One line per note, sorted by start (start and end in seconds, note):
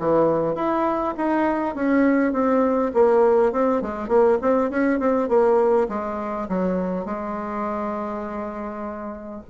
0.00 0.55 E3
0.55 1.15 E4
1.17 1.75 D#4
1.75 2.33 C#4
2.33 2.92 C4
2.94 3.53 A#3
3.53 3.82 C4
3.82 4.09 G#3
4.09 4.39 A#3
4.42 4.70 C4
4.70 5.00 C#4
5.00 5.29 C4
5.29 5.88 A#3
5.89 6.49 G#3
6.49 7.06 F#3
7.06 9.43 G#3